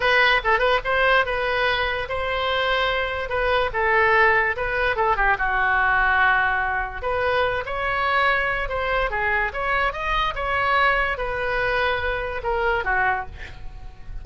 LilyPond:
\new Staff \with { instrumentName = "oboe" } { \time 4/4 \tempo 4 = 145 b'4 a'8 b'8 c''4 b'4~ | b'4 c''2. | b'4 a'2 b'4 | a'8 g'8 fis'2.~ |
fis'4 b'4. cis''4.~ | cis''4 c''4 gis'4 cis''4 | dis''4 cis''2 b'4~ | b'2 ais'4 fis'4 | }